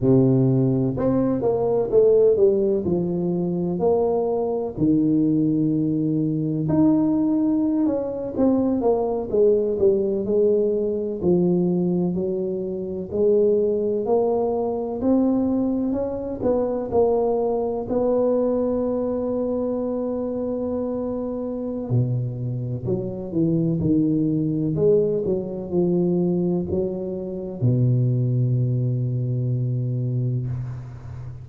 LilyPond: \new Staff \with { instrumentName = "tuba" } { \time 4/4 \tempo 4 = 63 c4 c'8 ais8 a8 g8 f4 | ais4 dis2 dis'4~ | dis'16 cis'8 c'8 ais8 gis8 g8 gis4 f16~ | f8. fis4 gis4 ais4 c'16~ |
c'8. cis'8 b8 ais4 b4~ b16~ | b2. b,4 | fis8 e8 dis4 gis8 fis8 f4 | fis4 b,2. | }